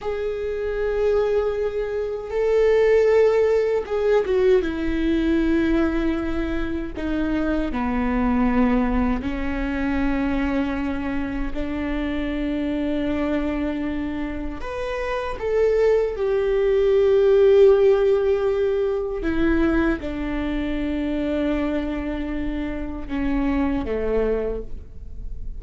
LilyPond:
\new Staff \with { instrumentName = "viola" } { \time 4/4 \tempo 4 = 78 gis'2. a'4~ | a'4 gis'8 fis'8 e'2~ | e'4 dis'4 b2 | cis'2. d'4~ |
d'2. b'4 | a'4 g'2.~ | g'4 e'4 d'2~ | d'2 cis'4 a4 | }